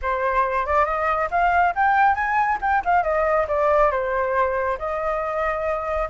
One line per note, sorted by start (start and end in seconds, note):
0.02 0.66 C5
0.66 0.85 D5
0.85 1.28 D#5
1.30 1.74 F5
1.75 2.14 G5
2.14 2.58 G#5
2.61 2.83 G5
2.85 3.03 F5
3.03 3.46 D#5
3.48 3.91 D5
3.91 4.78 C5
4.78 6.08 D#5